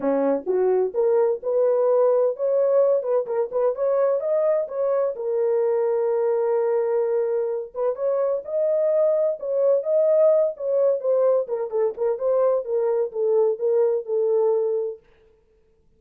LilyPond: \new Staff \with { instrumentName = "horn" } { \time 4/4 \tempo 4 = 128 cis'4 fis'4 ais'4 b'4~ | b'4 cis''4. b'8 ais'8 b'8 | cis''4 dis''4 cis''4 ais'4~ | ais'1~ |
ais'8 b'8 cis''4 dis''2 | cis''4 dis''4. cis''4 c''8~ | c''8 ais'8 a'8 ais'8 c''4 ais'4 | a'4 ais'4 a'2 | }